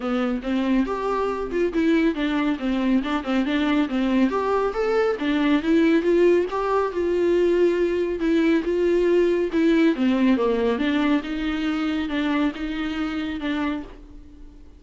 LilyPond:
\new Staff \with { instrumentName = "viola" } { \time 4/4 \tempo 4 = 139 b4 c'4 g'4. f'8 | e'4 d'4 c'4 d'8 c'8 | d'4 c'4 g'4 a'4 | d'4 e'4 f'4 g'4 |
f'2. e'4 | f'2 e'4 c'4 | ais4 d'4 dis'2 | d'4 dis'2 d'4 | }